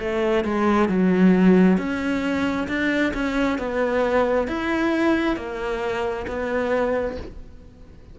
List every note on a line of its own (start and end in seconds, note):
0.00 0.45 A3
0.45 0.89 G#3
0.89 1.78 F#3
1.78 2.67 C#4
2.69 3.13 D4
3.14 3.59 C#4
3.59 4.48 B3
4.48 5.37 E4
5.37 6.26 A#3
6.27 7.17 B3